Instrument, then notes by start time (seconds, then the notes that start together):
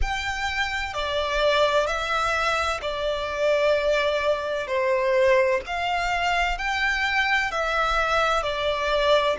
violin
0.01 G5
0.93 D5
1.86 E5
2.81 D5
4.67 C5
5.66 F5
6.58 G5
7.51 E5
8.42 D5